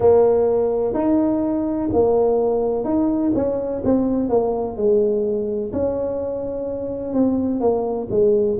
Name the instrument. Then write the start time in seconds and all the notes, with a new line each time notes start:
tuba
0.00 A#3
0.94 D#4
1.92 A#3
2.84 D#4
3.35 C#4
3.84 C4
4.29 A#3
4.76 G#3
5.72 C#4
7.13 C4
7.60 A#3
8.10 G#3